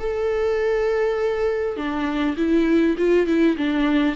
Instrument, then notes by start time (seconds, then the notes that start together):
viola
0.00 A4
1.77 D4
2.37 E4
2.98 F4
3.27 E4
3.58 D4